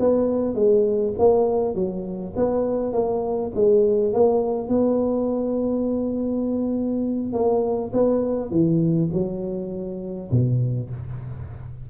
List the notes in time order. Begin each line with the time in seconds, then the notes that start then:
0.00 B3
0.55 G#3
1.18 A#3
1.75 F#3
2.36 B3
2.93 A#3
3.55 G#3
4.13 A#3
4.69 B3
7.33 A#3
7.93 B3
8.51 E3
9.13 F#3
10.31 B2